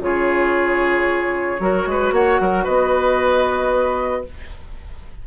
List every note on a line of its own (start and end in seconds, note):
0.00 1.59 C#3
0.00 1.60 F4
0.00 1.62 G#4
0.00 2.13 C#5
1.60 1.86 F#3
1.60 4.26 F#4
1.60 1.88 A#4
1.86 2.12 G#3
1.86 2.14 B4
2.12 2.38 A#3
2.12 2.41 C#5
2.12 2.65 F#5
2.40 2.66 F#3
2.40 2.64 A#4
2.64 4.27 B3
2.64 4.23 B4
2.64 4.25 D#5